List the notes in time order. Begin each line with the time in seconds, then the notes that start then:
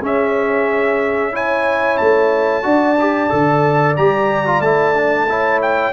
0.00 C#4 G#4 E5
1.32 E4 C#5 G#5
1.97 A3 A5
2.62 D4 F#4 D5
2.99 G4
3.29 D3 A4
3.96 G3 G4 A#5
4.46 F4
4.60 A3 E4 A5
4.94 D4
5.29 E4 C#5
5.62 G5